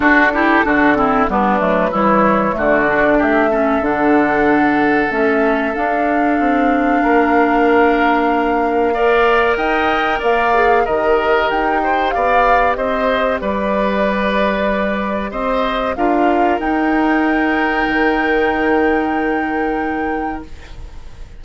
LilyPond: <<
  \new Staff \with { instrumentName = "flute" } { \time 4/4 \tempo 4 = 94 a'2 b'4 cis''4 | d''4 e''4 fis''2 | e''4 f''2.~ | f''2. g''4 |
f''4 dis''4 g''4 f''4 | dis''4 d''2. | dis''4 f''4 g''2~ | g''1 | }
  \new Staff \with { instrumentName = "oboe" } { \time 4/4 fis'8 g'8 fis'8 e'8 d'4 e'4 | fis'4 g'8 a'2~ a'8~ | a'2. ais'4~ | ais'2 d''4 dis''4 |
d''4 ais'4. c''8 d''4 | c''4 b'2. | c''4 ais'2.~ | ais'1 | }
  \new Staff \with { instrumentName = "clarinet" } { \time 4/4 d'8 e'8 d'8 c'8 b8 a8 g4 | a8 d'4 cis'8 d'2 | cis'4 d'2.~ | d'2 ais'2~ |
ais'8 gis'8 g'2.~ | g'1~ | g'4 f'4 dis'2~ | dis'1 | }
  \new Staff \with { instrumentName = "bassoon" } { \time 4/4 d'4 d4 g8 fis8 e4 | d4 a4 d2 | a4 d'4 c'4 ais4~ | ais2. dis'4 |
ais4 dis4 dis'4 b4 | c'4 g2. | c'4 d'4 dis'2 | dis1 | }
>>